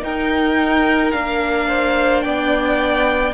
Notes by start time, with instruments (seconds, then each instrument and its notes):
0.00 viola D#4, cello D#4, violin A#4 G5
1.12 cello A#3, viola D4, violin F5
1.69 violin C5
2.22 cello B3, violin D5 G5